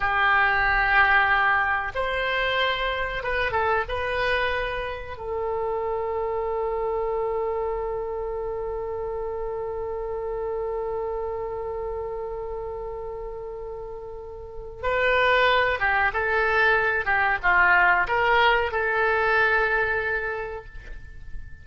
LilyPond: \new Staff \with { instrumentName = "oboe" } { \time 4/4 \tempo 4 = 93 g'2. c''4~ | c''4 b'8 a'8 b'2 | a'1~ | a'1~ |
a'1~ | a'2. b'4~ | b'8 g'8 a'4. g'8 f'4 | ais'4 a'2. | }